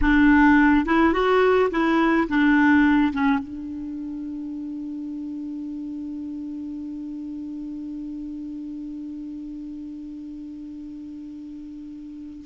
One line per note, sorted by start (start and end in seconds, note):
0.01 0.85 D4
0.85 1.13 E4
1.13 1.70 F#4
1.70 2.27 E4
2.28 3.13 D4
3.13 3.39 C#4
3.39 12.44 D4